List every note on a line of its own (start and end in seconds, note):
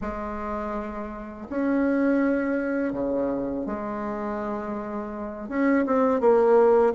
0.01 1.47 G#3
1.49 2.93 C#4
2.93 3.66 C#3
3.66 5.48 G#3
5.48 5.85 C#4
5.85 6.20 C4
6.20 6.93 A#3